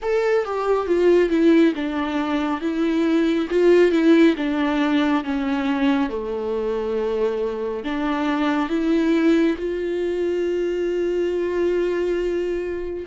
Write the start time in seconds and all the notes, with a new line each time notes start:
0.02 A4
0.44 G4
0.86 F4
1.29 E4
1.75 D4
2.60 E4
3.49 F4
3.91 E4
4.36 D4
5.24 C#4
6.09 A3
7.84 D4
8.69 E4
9.57 F4